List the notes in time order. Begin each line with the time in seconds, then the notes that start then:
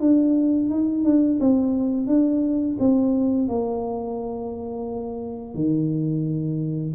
0.00 D4
0.70 D#4
1.04 D4
1.40 C4
2.07 D4
2.79 C4
3.48 A#3
5.55 D#3